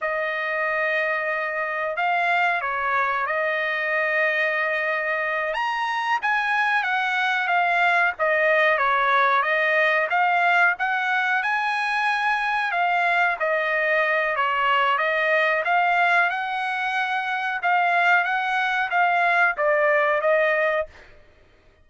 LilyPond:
\new Staff \with { instrumentName = "trumpet" } { \time 4/4 \tempo 4 = 92 dis''2. f''4 | cis''4 dis''2.~ | dis''8 ais''4 gis''4 fis''4 f''8~ | f''8 dis''4 cis''4 dis''4 f''8~ |
f''8 fis''4 gis''2 f''8~ | f''8 dis''4. cis''4 dis''4 | f''4 fis''2 f''4 | fis''4 f''4 d''4 dis''4 | }